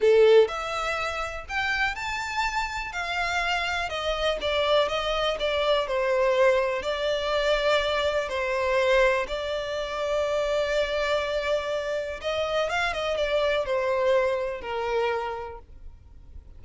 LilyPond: \new Staff \with { instrumentName = "violin" } { \time 4/4 \tempo 4 = 123 a'4 e''2 g''4 | a''2 f''2 | dis''4 d''4 dis''4 d''4 | c''2 d''2~ |
d''4 c''2 d''4~ | d''1~ | d''4 dis''4 f''8 dis''8 d''4 | c''2 ais'2 | }